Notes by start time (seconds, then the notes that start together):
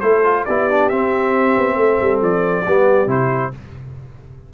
0.00 A3 E4 A4 C5
0.23 F4
0.44 B3 E4 G4 D5
0.70 D4
0.89 C4 E5
1.57 B3
1.75 A3 A4
2.00 G3
2.21 F3 D5
2.65 G3 B3 G4
3.06 C3 E4 C5